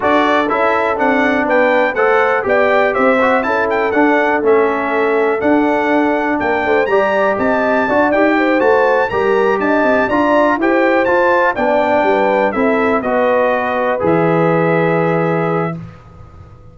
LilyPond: <<
  \new Staff \with { instrumentName = "trumpet" } { \time 4/4 \tempo 4 = 122 d''4 e''4 fis''4 g''4 | fis''4 g''4 e''4 a''8 g''8 | fis''4 e''2 fis''4~ | fis''4 g''4 ais''4 a''4~ |
a''8 g''4 a''4 ais''4 a''8~ | a''8 ais''4 g''4 a''4 g''8~ | g''4. e''4 dis''4.~ | dis''8 e''2.~ e''8 | }
  \new Staff \with { instrumentName = "horn" } { \time 4/4 a'2. b'4 | c''4 d''4 c''4 a'4~ | a'1~ | a'4 ais'8 c''8 d''4 dis''4 |
d''4 c''4. ais'4 dis''8~ | dis''8 d''4 c''2 d''8~ | d''8 b'4 a'4 b'4.~ | b'1 | }
  \new Staff \with { instrumentName = "trombone" } { \time 4/4 fis'4 e'4 d'2 | a'4 g'4. fis'8 e'4 | d'4 cis'2 d'4~ | d'2 g'2 |
fis'8 g'4 fis'4 g'4.~ | g'8 f'4 g'4 f'4 d'8~ | d'4. e'4 fis'4.~ | fis'8 gis'2.~ gis'8 | }
  \new Staff \with { instrumentName = "tuba" } { \time 4/4 d'4 cis'4 c'4 b4 | a4 b4 c'4 cis'4 | d'4 a2 d'4~ | d'4 ais8 a8 g4 c'4 |
d'8 dis'4 a4 g4 d'8 | c'8 d'4 e'4 f'4 b8~ | b8 g4 c'4 b4.~ | b8 e2.~ e8 | }
>>